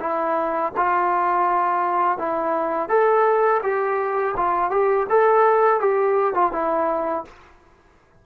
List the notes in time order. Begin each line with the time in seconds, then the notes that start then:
0.00 E4
0.76 F4
2.18 E4
2.89 A4
3.63 G4
4.36 F4
4.71 G4
5.09 A4
5.80 G4
6.34 F4
6.52 E4